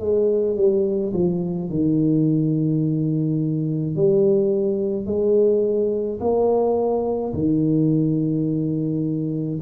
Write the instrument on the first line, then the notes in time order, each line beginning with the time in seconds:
tuba
0.00 G#3
0.57 G3
1.14 F3
1.70 D#3
3.96 G3
5.06 G#3
6.21 A#3
7.34 D#3